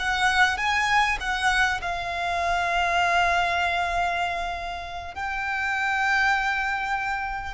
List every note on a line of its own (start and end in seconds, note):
0.00 0.58 F#5
0.58 1.18 G#5
1.21 1.81 F#5
1.82 5.15 F5
5.15 7.55 G5